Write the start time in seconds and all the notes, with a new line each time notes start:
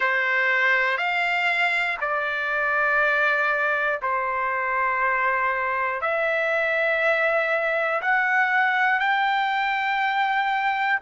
0.00 C5
0.97 F5
2.00 D5
4.02 C5
6.01 E5
8.01 F#5
9.00 G5